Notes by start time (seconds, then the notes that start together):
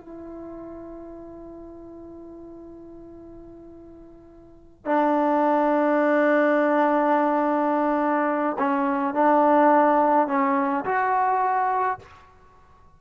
0.00 E4
4.86 D4
8.59 C#4
9.15 D4
10.28 C#4
10.85 F#4